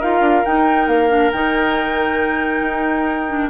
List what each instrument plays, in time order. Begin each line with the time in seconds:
0.00 bassoon D#4, clarinet F4, oboe A#4, flute F5
0.21 bassoon D4
0.45 clarinet D#4, bassoon D#4, flute G5
0.88 bassoon A#3, flute F5
1.09 clarinet D4
1.32 bassoon D#3, clarinet D#4, flute G5
2.62 bassoon D#4
3.29 clarinet D4